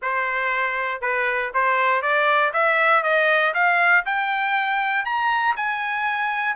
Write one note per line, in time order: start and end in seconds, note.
0.01 1.01 C5
1.01 1.51 B4
1.54 2.02 C5
2.02 2.52 D5
2.53 3.03 E5
3.03 3.53 D#5
3.54 4.04 F5
4.05 5.05 G5
5.05 5.55 A#5
5.56 6.55 G#5